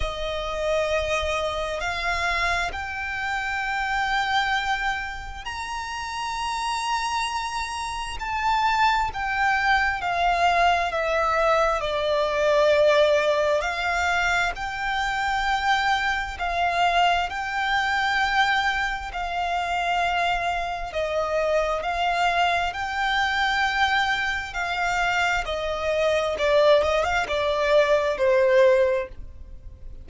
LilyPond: \new Staff \with { instrumentName = "violin" } { \time 4/4 \tempo 4 = 66 dis''2 f''4 g''4~ | g''2 ais''2~ | ais''4 a''4 g''4 f''4 | e''4 d''2 f''4 |
g''2 f''4 g''4~ | g''4 f''2 dis''4 | f''4 g''2 f''4 | dis''4 d''8 dis''16 f''16 d''4 c''4 | }